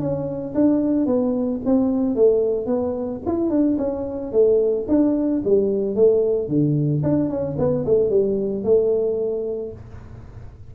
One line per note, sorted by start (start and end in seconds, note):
0.00 0.54 C#4
0.55 1.06 D4
1.06 1.60 B3
1.65 2.16 C4
2.16 2.67 A3
2.67 3.21 B3
3.26 3.50 E4
3.50 3.77 D4
3.78 4.32 C#4
4.32 4.86 A3
4.88 5.42 D4
5.45 5.95 G3
5.95 6.48 A3
6.48 7.02 D3
7.03 7.29 D4
7.29 7.56 C#4
7.58 7.85 B3
7.86 8.10 A3
8.10 8.64 G3
8.64 9.72 A3